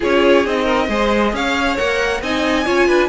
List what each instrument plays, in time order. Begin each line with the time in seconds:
0.00 cello C#4, viola F4, violin G#4 C#5
0.44 cello C4, viola D#4, violin D#5
0.64 violin A#4
0.88 cello G#3, viola G#4, violin C5
1.33 cello C#4, violin C#5 F5
1.76 cello A#3, viola A#4, violin F#5
2.21 cello C4, viola D#4, violin D#5 G#5
2.65 cello C#4, viola F4, violin C#5
2.87 cello D4, violin B4